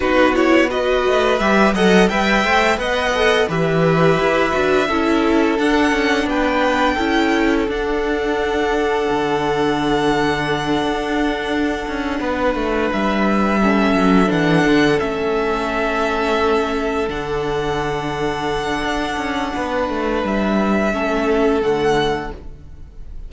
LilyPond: <<
  \new Staff \with { instrumentName = "violin" } { \time 4/4 \tempo 4 = 86 b'8 cis''8 dis''4 e''8 fis''8 g''4 | fis''4 e''2. | fis''4 g''2 fis''4~ | fis''1~ |
fis''2~ fis''8 e''4.~ | e''8 fis''4 e''2~ e''8~ | e''8 fis''2.~ fis''8~ | fis''4 e''2 fis''4 | }
  \new Staff \with { instrumentName = "violin" } { \time 4/4 fis'4 b'4. dis''8 e''4 | dis''4 b'2 a'4~ | a'4 b'4 a'2~ | a'1~ |
a'4. b'2 a'8~ | a'1~ | a'1 | b'2 a'2 | }
  \new Staff \with { instrumentName = "viola" } { \time 4/4 dis'8 e'8 fis'4 g'8 a'8 b'8 c''8 | b'8 a'8 g'4. fis'8 e'4 | d'2 e'4 d'4~ | d'1~ |
d'2.~ d'8 cis'8~ | cis'8 d'4 cis'2~ cis'8~ | cis'8 d'2.~ d'8~ | d'2 cis'4 a4 | }
  \new Staff \with { instrumentName = "cello" } { \time 4/4 b4. a8 g8 fis8 g8 a8 | b4 e4 e'8 d'8 cis'4 | d'8 cis'8 b4 cis'4 d'4~ | d'4 d2~ d8 d'8~ |
d'4 cis'8 b8 a8 g4. | fis8 e8 d8 a2~ a8~ | a8 d2~ d8 d'8 cis'8 | b8 a8 g4 a4 d4 | }
>>